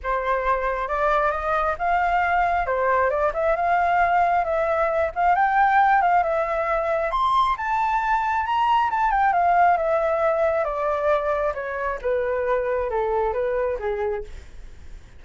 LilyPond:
\new Staff \with { instrumentName = "flute" } { \time 4/4 \tempo 4 = 135 c''2 d''4 dis''4 | f''2 c''4 d''8 e''8 | f''2 e''4. f''8 | g''4. f''8 e''2 |
c'''4 a''2 ais''4 | a''8 g''8 f''4 e''2 | d''2 cis''4 b'4~ | b'4 a'4 b'4 gis'4 | }